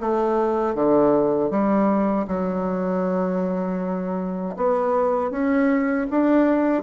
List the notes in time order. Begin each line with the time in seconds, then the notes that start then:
0.00 A3
0.75 D3
1.51 G3
2.28 F#3
4.57 B3
5.31 C#4
6.10 D4